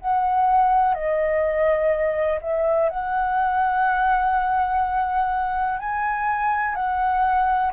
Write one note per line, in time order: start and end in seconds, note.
0.00 0.95 F#5
0.95 2.40 D#5
2.41 2.89 E5
2.89 5.80 F#5
5.80 6.75 G#5
6.75 7.72 F#5